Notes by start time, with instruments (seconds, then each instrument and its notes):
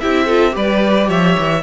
0.00 cello C4, viola E4, violin G4 E5
0.25 viola F4, violin A4
0.51 cello G3, viola G4, violin B4 D5
1.08 cello F3, violin C#5 E5
1.38 cello E3